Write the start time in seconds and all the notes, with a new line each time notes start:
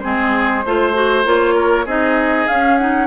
0.00 G#3 C4 G#4 C5
0.66 A3 F4 C5
0.94 F#4
1.25 A#3 F4 C#5
1.55 A#4
1.86 C4 D#4 G#4 D#5
2.48 C#4 F5
2.78 D#4 F#5